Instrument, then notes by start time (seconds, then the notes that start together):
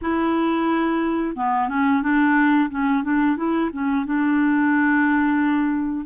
clarinet
0.01 E4
1.35 B3
1.68 C#4
2.02 D4
2.70 C#4
3.03 D4
3.36 E4
3.72 C#4
4.05 D4